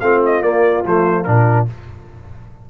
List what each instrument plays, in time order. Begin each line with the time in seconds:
0.00 tuba A3, trombone C4, horn F4, trumpet F5
0.25 trumpet D#5
0.41 tuba A#3, trombone A#3, trumpet D5
0.85 tuba F3, trombone A3, trumpet C5
1.24 tuba A#2, trombone D4, trumpet A#4